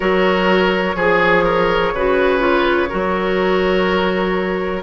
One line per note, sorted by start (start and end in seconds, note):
0.00 0.95 F#3
0.00 0.95 F#4
0.00 0.96 A#4
0.00 4.82 C#5
0.95 1.92 F3
0.95 1.44 G#4
0.95 1.96 G#4
1.44 1.92 A#4
1.93 2.90 C#3
1.93 2.39 F#4
1.93 2.89 B4
2.39 2.87 F4
2.89 4.82 F#3
2.89 4.82 F#4
2.89 4.82 A#4